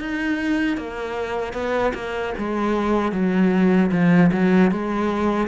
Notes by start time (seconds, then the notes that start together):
0.00 D#4
0.77 A#3
1.53 B3
1.94 A#3
2.38 G#3
3.12 F#3
3.92 F3
4.32 F#3
4.71 G#3